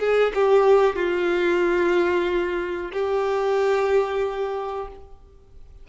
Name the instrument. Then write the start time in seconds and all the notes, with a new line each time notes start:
violin
0.00 G#4
0.35 G4
0.96 F4
2.93 G4